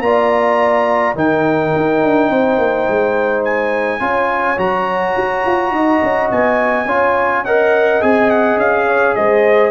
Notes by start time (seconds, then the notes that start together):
0.00 A#3 F4 D5 A#5
1.15 D#3 D#4 A#4 G5
1.76 D#4
2.04 D4
2.29 C4 C5
2.58 A#3
2.89 G#3
3.45 G#5
4.00 C#4 F4 C#5
4.58 F#3 F#4 A#5
5.17 F#4
5.46 F4
5.71 D#4 D#5
6.02 C#4
6.31 B3 G#5
6.85 C#4 F4 C#5
7.45 A#4 D#5 F#5
8.01 C4 G#4 G#5
8.30 F#5
8.57 C#4 F5
8.88 C#5
9.16 G#3 C5 D#5